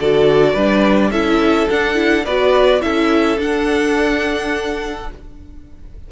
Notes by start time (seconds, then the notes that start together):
0.00 D3 F#4 A4 D5
0.54 G3 D4 B4
1.11 C#4 E4 A4 E5
1.70 D4 F#5
1.94 E4
2.25 B3 F#4 B4 D5
2.81 C#4 E4 A4 E5
3.38 D4 F#5